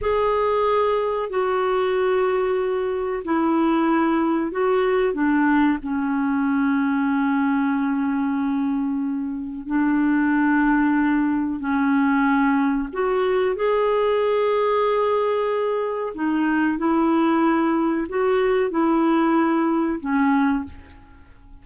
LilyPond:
\new Staff \with { instrumentName = "clarinet" } { \time 4/4 \tempo 4 = 93 gis'2 fis'2~ | fis'4 e'2 fis'4 | d'4 cis'2.~ | cis'2. d'4~ |
d'2 cis'2 | fis'4 gis'2.~ | gis'4 dis'4 e'2 | fis'4 e'2 cis'4 | }